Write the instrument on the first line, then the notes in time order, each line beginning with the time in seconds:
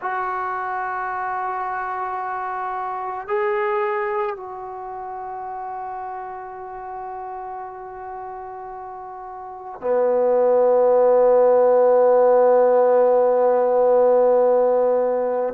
trombone
0.01 F#4
3.27 G#4
4.36 F#4
9.80 B3